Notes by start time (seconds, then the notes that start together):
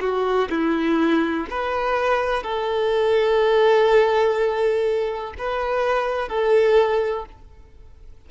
0.00 F#4
0.50 E4
1.50 B4
2.43 A4
5.38 B4
6.29 A4